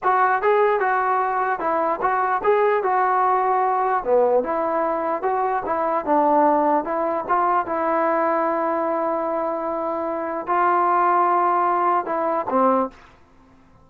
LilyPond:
\new Staff \with { instrumentName = "trombone" } { \time 4/4 \tempo 4 = 149 fis'4 gis'4 fis'2 | e'4 fis'4 gis'4 fis'4~ | fis'2 b4 e'4~ | e'4 fis'4 e'4 d'4~ |
d'4 e'4 f'4 e'4~ | e'1~ | e'2 f'2~ | f'2 e'4 c'4 | }